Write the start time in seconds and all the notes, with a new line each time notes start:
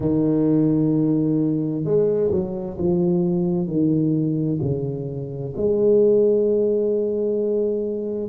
0.00 D#3
1.84 G#3
2.31 F#3
2.78 F3
3.67 D#3
4.62 C#3
5.56 G#3